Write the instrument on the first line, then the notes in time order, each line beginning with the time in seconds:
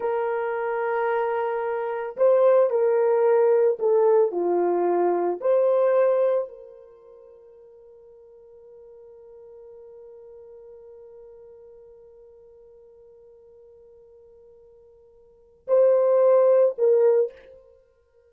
horn
0.00 A#4
2.16 C5
2.70 A#4
3.79 A4
4.31 F4
5.41 C5
6.48 A#4
15.67 C5
16.78 A#4